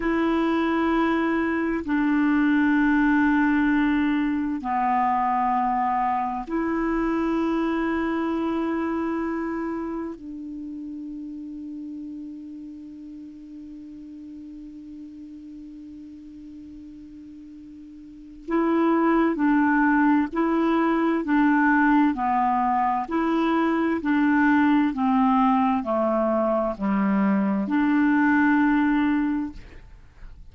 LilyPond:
\new Staff \with { instrumentName = "clarinet" } { \time 4/4 \tempo 4 = 65 e'2 d'2~ | d'4 b2 e'4~ | e'2. d'4~ | d'1~ |
d'1 | e'4 d'4 e'4 d'4 | b4 e'4 d'4 c'4 | a4 g4 d'2 | }